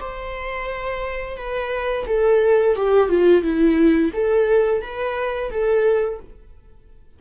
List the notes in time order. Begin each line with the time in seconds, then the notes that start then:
0.00 C5
1.37 B4
2.06 A4
2.76 G4
3.09 F4
3.43 E4
4.13 A4
4.82 B4
5.50 A4